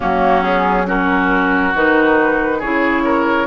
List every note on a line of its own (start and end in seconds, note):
0.00 1.74 F#3
0.00 0.42 A#3
0.00 0.86 C#4
0.00 0.43 F#4
0.42 0.85 B3
0.42 0.86 G#4
0.86 1.73 C#4
0.86 2.58 F#4
0.86 1.74 A#4
1.74 2.61 D#3
1.74 2.62 D#4
1.74 2.61 B4
2.58 3.46 C#3
2.58 3.46 E4
2.58 3.02 G#4
2.58 3.46 C#5
3.04 3.46 A#4